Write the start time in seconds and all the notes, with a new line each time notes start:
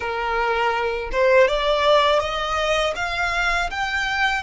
0.00 A#4
1.11 C5
1.47 D5
2.19 D#5
2.95 F5
3.70 G5